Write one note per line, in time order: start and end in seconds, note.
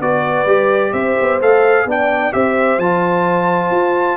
0.00 0.45 B3
0.00 0.47 F#4
0.00 0.92 B4
0.00 0.92 D5
0.45 0.91 G3
0.45 1.40 G4
0.92 1.16 C4
0.92 1.85 C5
0.92 1.39 E5
1.21 1.41 B3
1.41 1.85 A3
1.41 1.88 A4
1.41 1.88 F5
1.85 2.31 B3
1.85 2.32 D4
1.85 2.34 D5
1.85 2.32 G5
2.32 2.78 C4
2.32 2.78 G4
2.32 4.17 C5
2.32 2.79 E5
2.78 3.70 F3
2.78 4.17 F4
2.78 4.17 A5
3.70 4.17 F4